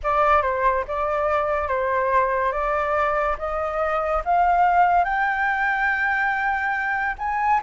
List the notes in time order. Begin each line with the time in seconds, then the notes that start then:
0.03 D5
0.42 C5
0.87 D5
1.67 C5
2.51 D5
3.38 D#5
4.24 F5
5.04 G5
7.18 G#5